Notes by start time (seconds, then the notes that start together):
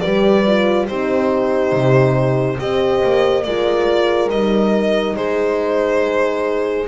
0.00 G3 G4 B4 D5
0.46 F4
0.87 C4 D#4 G4 C5
1.72 C3
2.58 C4 G4 C5 D#5
3.04 A#3
3.43 G#3 F4 A#4 D5
4.30 G3 D#4 D#5
5.16 G#3 G#4 C5